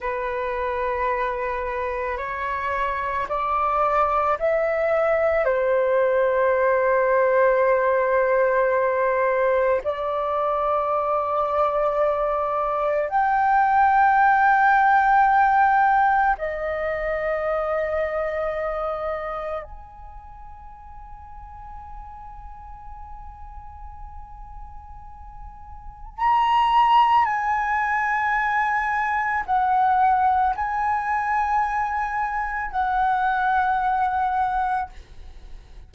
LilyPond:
\new Staff \with { instrumentName = "flute" } { \time 4/4 \tempo 4 = 55 b'2 cis''4 d''4 | e''4 c''2.~ | c''4 d''2. | g''2. dis''4~ |
dis''2 gis''2~ | gis''1 | ais''4 gis''2 fis''4 | gis''2 fis''2 | }